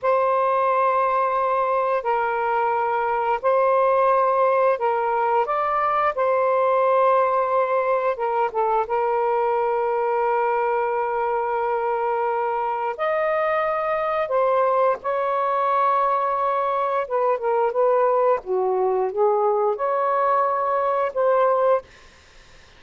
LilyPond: \new Staff \with { instrumentName = "saxophone" } { \time 4/4 \tempo 4 = 88 c''2. ais'4~ | ais'4 c''2 ais'4 | d''4 c''2. | ais'8 a'8 ais'2.~ |
ais'2. dis''4~ | dis''4 c''4 cis''2~ | cis''4 b'8 ais'8 b'4 fis'4 | gis'4 cis''2 c''4 | }